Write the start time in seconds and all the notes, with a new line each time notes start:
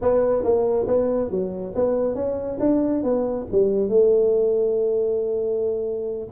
0.01 B3
0.43 A#3
0.87 B3
1.30 F#3
1.75 B3
2.14 C#4
2.59 D4
3.03 B3
3.51 G3
3.89 A3